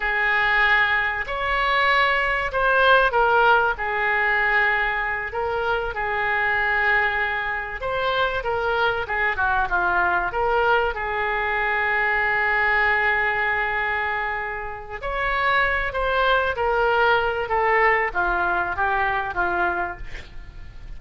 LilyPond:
\new Staff \with { instrumentName = "oboe" } { \time 4/4 \tempo 4 = 96 gis'2 cis''2 | c''4 ais'4 gis'2~ | gis'8 ais'4 gis'2~ gis'8~ | gis'8 c''4 ais'4 gis'8 fis'8 f'8~ |
f'8 ais'4 gis'2~ gis'8~ | gis'1 | cis''4. c''4 ais'4. | a'4 f'4 g'4 f'4 | }